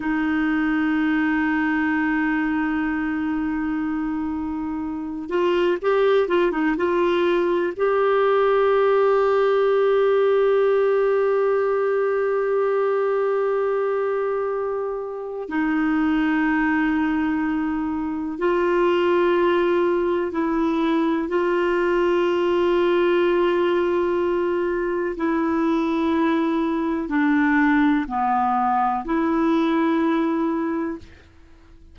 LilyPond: \new Staff \with { instrumentName = "clarinet" } { \time 4/4 \tempo 4 = 62 dis'1~ | dis'4. f'8 g'8 f'16 dis'16 f'4 | g'1~ | g'1 |
dis'2. f'4~ | f'4 e'4 f'2~ | f'2 e'2 | d'4 b4 e'2 | }